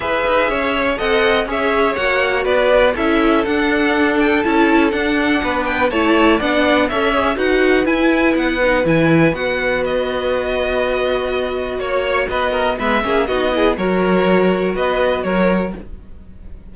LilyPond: <<
  \new Staff \with { instrumentName = "violin" } { \time 4/4 \tempo 4 = 122 e''2 fis''4 e''4 | fis''4 d''4 e''4 fis''4~ | fis''8 g''8 a''4 fis''4. g''8 | a''4 fis''4 e''4 fis''4 |
gis''4 fis''4 gis''4 fis''4 | dis''1 | cis''4 dis''4 e''4 dis''4 | cis''2 dis''4 cis''4 | }
  \new Staff \with { instrumentName = "violin" } { \time 4/4 b'4 cis''4 dis''4 cis''4~ | cis''4 b'4 a'2~ | a'2. b'4 | cis''4 d''4 cis''4 b'4~ |
b'1~ | b'1 | cis''4 b'8 ais'8 b'8 gis'8 fis'8 gis'8 | ais'2 b'4 ais'4 | }
  \new Staff \with { instrumentName = "viola" } { \time 4/4 gis'2 a'4 gis'4 | fis'2 e'4 d'4~ | d'4 e'4 d'2 | e'4 d'4 a'8 gis'8 fis'4 |
e'4. dis'8 e'4 fis'4~ | fis'1~ | fis'2 b8 cis'8 dis'8 e'8 | fis'1 | }
  \new Staff \with { instrumentName = "cello" } { \time 4/4 e'8 dis'8 cis'4 c'4 cis'4 | ais4 b4 cis'4 d'4~ | d'4 cis'4 d'4 b4 | a4 b4 cis'4 dis'4 |
e'4 b4 e4 b4~ | b1 | ais4 b4 gis8 ais8 b4 | fis2 b4 fis4 | }
>>